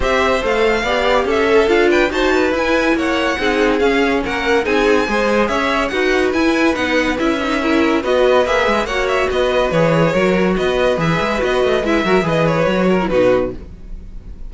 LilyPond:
<<
  \new Staff \with { instrumentName = "violin" } { \time 4/4 \tempo 4 = 142 e''4 f''2 e''4 | f''8 g''8 a''4 gis''4 fis''4~ | fis''4 f''4 fis''4 gis''4~ | gis''4 e''4 fis''4 gis''4 |
fis''4 e''2 dis''4 | e''4 fis''8 e''8 dis''4 cis''4~ | cis''4 dis''4 e''4 dis''4 | e''4 dis''8 cis''4. b'4 | }
  \new Staff \with { instrumentName = "violin" } { \time 4/4 c''2 d''4 a'4~ | a'8 b'8 c''8 b'4. cis''4 | gis'2 ais'4 gis'4 | c''4 cis''4 b'2~ |
b'2 ais'4 b'4~ | b'4 cis''4 b'2 | ais'4 b'2.~ | b'8 ais'8 b'4. ais'8 fis'4 | }
  \new Staff \with { instrumentName = "viola" } { \time 4/4 g'4 a'4 g'4. a'8 | f'4 fis'4 e'2 | dis'4 cis'2 dis'4 | gis'2 fis'4 e'4 |
dis'4 e'8 dis'8 e'4 fis'4 | gis'4 fis'2 gis'4 | fis'2 gis'4 fis'4 | e'8 fis'8 gis'4 fis'8. e'16 dis'4 | }
  \new Staff \with { instrumentName = "cello" } { \time 4/4 c'4 a4 b4 cis'4 | d'4 dis'4 e'4 ais4 | c'4 cis'4 ais4 c'4 | gis4 cis'4 dis'4 e'4 |
b4 cis'2 b4 | ais8 gis8 ais4 b4 e4 | fis4 b4 e8 gis8 b8 a8 | gis8 fis8 e4 fis4 b,4 | }
>>